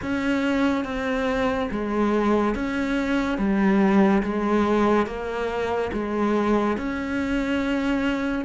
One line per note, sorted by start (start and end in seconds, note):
0.02 0.84 C#4
0.84 1.69 C4
1.70 2.55 G#3
2.55 3.38 C#4
3.38 4.22 G3
4.23 5.06 G#3
5.06 5.90 A#3
5.92 6.77 G#3
6.77 8.44 C#4